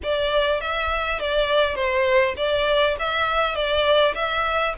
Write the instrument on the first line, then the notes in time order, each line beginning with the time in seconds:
violin
0.03 D5
0.60 E5
1.19 D5
1.75 C5
2.36 D5
2.99 E5
3.55 D5
4.14 E5